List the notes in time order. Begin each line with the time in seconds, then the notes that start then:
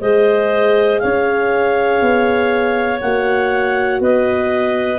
0.00 G#3 G#4 C5 D#5
0.99 C#4 C#5 F5
2.01 B3
3.00 A#3 F#4 F#5
4.00 B3 B4 D#5